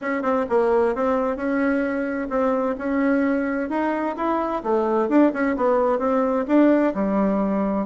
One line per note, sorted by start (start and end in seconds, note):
0.01 0.22 C#4
0.22 0.45 C4
0.49 0.95 A#3
0.95 1.36 C4
1.36 2.28 C#4
2.29 2.75 C4
2.78 3.69 C#4
3.69 4.15 D#4
4.16 4.62 E4
4.63 5.09 A3
5.09 5.32 D4
5.33 5.56 C#4
5.56 5.99 B3
5.99 6.45 C4
6.47 6.93 D4
6.94 7.86 G3